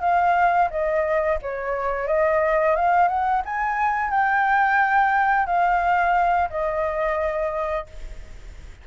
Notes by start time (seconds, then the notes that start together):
0.00 F5
0.70 D#5
1.42 C#5
2.07 D#5
2.75 F5
3.08 F#5
3.45 G#5
4.10 G5
5.46 F5
6.50 D#5